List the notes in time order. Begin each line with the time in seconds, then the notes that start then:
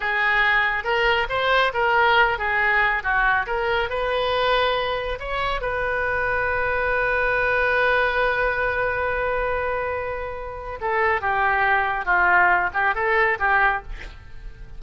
0.00 G#4
0.84 A#4
1.29 C5
1.73 A#4
2.38 G#4
3.03 F#4
3.46 A#4
3.89 B4
5.19 C#5
5.61 B4
10.81 A4
11.21 G4
12.05 F4
12.73 G4
12.94 A4
13.39 G4